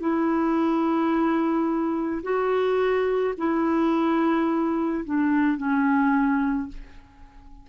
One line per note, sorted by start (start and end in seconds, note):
0.00 2.22 E4
2.23 3.34 F#4
3.38 5.05 E4
5.05 5.58 D4
5.58 6.69 C#4